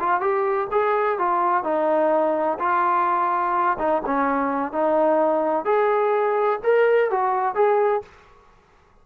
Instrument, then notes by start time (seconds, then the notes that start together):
trombone
0.00 F4
0.21 G4
0.72 G#4
1.19 F4
1.64 D#4
2.59 F4
3.79 D#4
4.06 C#4
4.72 D#4
5.65 G#4
6.64 A#4
7.11 F#4
7.55 G#4